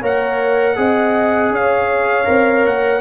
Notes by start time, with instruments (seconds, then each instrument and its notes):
0.00 tuba A#3, trombone A#4, horn C#5, trumpet F#5
0.76 tuba C4, trombone G#4, horn D#5
1.50 tuba C#4, horn C#5, trumpet F5
2.25 tuba C4, trombone A#4
2.65 tuba A#3, trumpet F#5